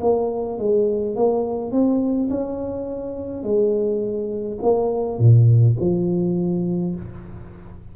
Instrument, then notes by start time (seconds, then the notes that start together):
tuba
0.00 A#3
0.58 G#3
1.15 A#3
1.71 C4
2.30 C#4
3.43 G#3
4.62 A#3
5.18 A#2
5.80 F3